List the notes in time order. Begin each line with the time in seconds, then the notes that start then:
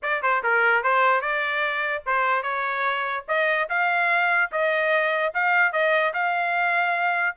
0.02 D5
0.22 C5
0.43 A#4
0.83 C5
1.21 D5
2.06 C5
2.42 C#5
3.28 D#5
3.69 F5
4.51 D#5
5.34 F5
5.72 D#5
6.13 F5